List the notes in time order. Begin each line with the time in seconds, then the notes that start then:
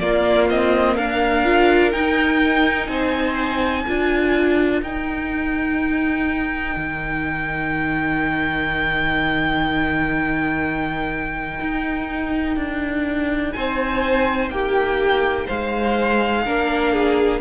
0.00 A#3 F4 D5
0.50 C4 D#5
0.96 D4 A#4 F5
1.45 F4
1.92 D#4 G5
2.88 C4 C5 G#5
3.85 D4 F4 A#4
4.82 D#4 G5
6.77 D#3
11.61 D#4
12.57 D4
13.52 C4 C5 G#5
14.50 A#3 G4 G5
15.46 G#3 C5 F5
16.46 A#3 D4 A#4
16.93 G#4